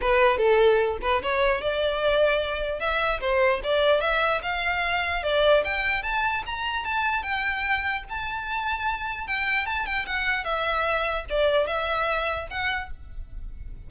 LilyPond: \new Staff \with { instrumentName = "violin" } { \time 4/4 \tempo 4 = 149 b'4 a'4. b'8 cis''4 | d''2. e''4 | c''4 d''4 e''4 f''4~ | f''4 d''4 g''4 a''4 |
ais''4 a''4 g''2 | a''2. g''4 | a''8 g''8 fis''4 e''2 | d''4 e''2 fis''4 | }